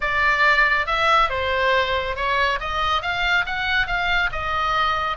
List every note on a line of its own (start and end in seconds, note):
0.00 0.86 D5
0.86 1.29 E5
1.29 2.15 C5
2.15 2.59 C#5
2.60 3.02 D#5
3.02 3.45 F5
3.46 3.86 F#5
3.86 4.29 F5
4.32 5.17 D#5